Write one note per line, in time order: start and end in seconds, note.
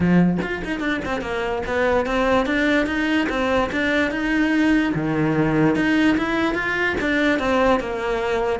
0.00 0.38 F3
0.42 0.62 F4
0.64 0.80 D#4
0.80 1.00 D4
1.05 1.21 C4
1.21 1.62 A#3
1.66 2.06 B3
2.06 2.46 C4
2.46 2.86 D4
2.86 3.27 D#4
3.29 3.70 C4
3.72 4.11 D4
4.11 4.93 D#4
4.94 5.75 D#3
5.75 6.16 D#4
6.17 6.54 E4
6.54 6.95 F4
7.00 7.39 D4
7.39 7.80 C4
7.80 8.59 A#3